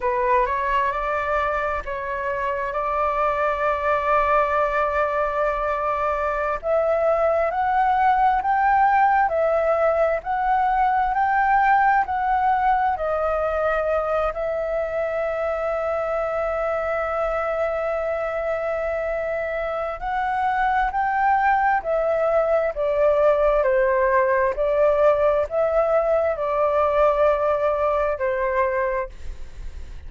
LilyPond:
\new Staff \with { instrumentName = "flute" } { \time 4/4 \tempo 4 = 66 b'8 cis''8 d''4 cis''4 d''4~ | d''2.~ d''16 e''8.~ | e''16 fis''4 g''4 e''4 fis''8.~ | fis''16 g''4 fis''4 dis''4. e''16~ |
e''1~ | e''2 fis''4 g''4 | e''4 d''4 c''4 d''4 | e''4 d''2 c''4 | }